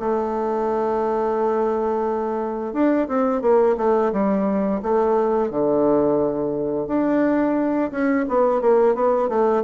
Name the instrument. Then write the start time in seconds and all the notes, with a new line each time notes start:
bassoon
0.00 A3
2.73 D4
3.08 C4
3.42 A#3
3.78 A3
4.13 G3
4.83 A3
5.51 D3
6.88 D4
7.92 C#4
8.29 B3
8.62 A#3
8.95 B3
9.29 A3